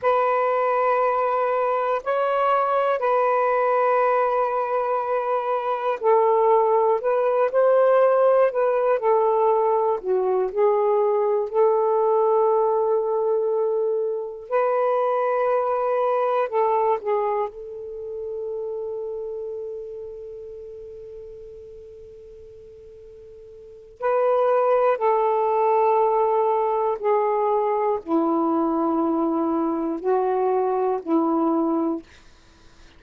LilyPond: \new Staff \with { instrumentName = "saxophone" } { \time 4/4 \tempo 4 = 60 b'2 cis''4 b'4~ | b'2 a'4 b'8 c''8~ | c''8 b'8 a'4 fis'8 gis'4 a'8~ | a'2~ a'8 b'4.~ |
b'8 a'8 gis'8 a'2~ a'8~ | a'1 | b'4 a'2 gis'4 | e'2 fis'4 e'4 | }